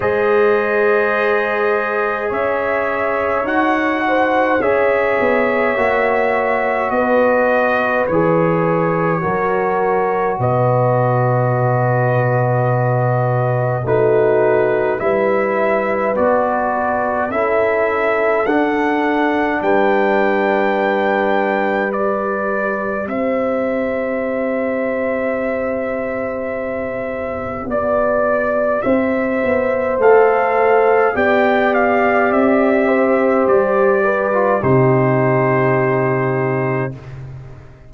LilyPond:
<<
  \new Staff \with { instrumentName = "trumpet" } { \time 4/4 \tempo 4 = 52 dis''2 e''4 fis''4 | e''2 dis''4 cis''4~ | cis''4 dis''2. | b'4 e''4 d''4 e''4 |
fis''4 g''2 d''4 | e''1 | d''4 e''4 f''4 g''8 f''8 | e''4 d''4 c''2 | }
  \new Staff \with { instrumentName = "horn" } { \time 4/4 c''2 cis''4. c''8 | cis''2 b'2 | ais'4 b'2. | fis'4 b'2 a'4~ |
a'4 b'2. | c''1 | d''4 c''2 d''4~ | d''8 c''4 b'8 g'2 | }
  \new Staff \with { instrumentName = "trombone" } { \time 4/4 gis'2. fis'4 | gis'4 fis'2 gis'4 | fis'1 | dis'4 e'4 fis'4 e'4 |
d'2. g'4~ | g'1~ | g'2 a'4 g'4~ | g'4.~ g'16 f'16 dis'2 | }
  \new Staff \with { instrumentName = "tuba" } { \time 4/4 gis2 cis'4 dis'4 | cis'8 b8 ais4 b4 e4 | fis4 b,2. | a4 g4 b4 cis'4 |
d'4 g2. | c'1 | b4 c'8 b8 a4 b4 | c'4 g4 c2 | }
>>